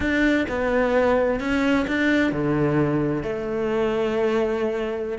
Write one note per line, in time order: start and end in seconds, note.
0.00 0.46 D4
0.48 1.40 B3
1.40 1.86 C#4
1.87 2.32 D4
2.32 3.22 D3
3.22 5.18 A3